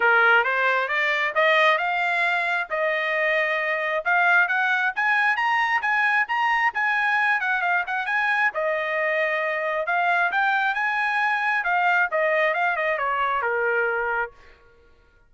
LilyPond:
\new Staff \with { instrumentName = "trumpet" } { \time 4/4 \tempo 4 = 134 ais'4 c''4 d''4 dis''4 | f''2 dis''2~ | dis''4 f''4 fis''4 gis''4 | ais''4 gis''4 ais''4 gis''4~ |
gis''8 fis''8 f''8 fis''8 gis''4 dis''4~ | dis''2 f''4 g''4 | gis''2 f''4 dis''4 | f''8 dis''8 cis''4 ais'2 | }